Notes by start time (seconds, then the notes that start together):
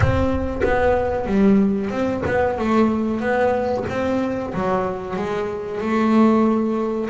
0.00 C4
0.63 B3
1.26 G3
1.90 C4
2.26 B3
2.58 A3
3.20 B3
3.89 C4
4.53 F#3
5.16 G#3
5.80 A3